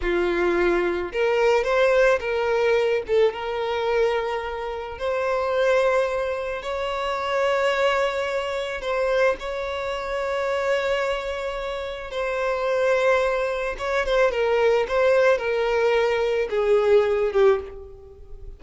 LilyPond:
\new Staff \with { instrumentName = "violin" } { \time 4/4 \tempo 4 = 109 f'2 ais'4 c''4 | ais'4. a'8 ais'2~ | ais'4 c''2. | cis''1 |
c''4 cis''2.~ | cis''2 c''2~ | c''4 cis''8 c''8 ais'4 c''4 | ais'2 gis'4. g'8 | }